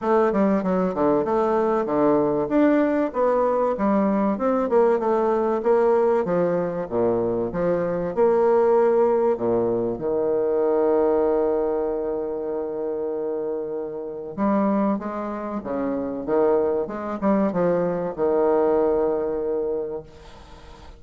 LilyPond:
\new Staff \with { instrumentName = "bassoon" } { \time 4/4 \tempo 4 = 96 a8 g8 fis8 d8 a4 d4 | d'4 b4 g4 c'8 ais8 | a4 ais4 f4 ais,4 | f4 ais2 ais,4 |
dis1~ | dis2. g4 | gis4 cis4 dis4 gis8 g8 | f4 dis2. | }